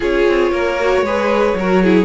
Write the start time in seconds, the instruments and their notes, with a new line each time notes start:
0.00 cello C#4, viola F4, violin G#4 C#5
0.28 cello C4
0.51 cello A#3, violin A#4
0.80 viola F#4
1.01 cello G#3, viola G#4, violin B4
1.54 cello F#3, viola F#4, violin A#4
1.83 viola E4, violin G#4